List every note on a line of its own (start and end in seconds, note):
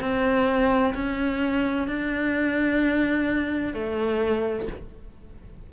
0.00 0.94 C4
0.94 1.87 C#4
1.87 3.73 D4
3.73 4.67 A3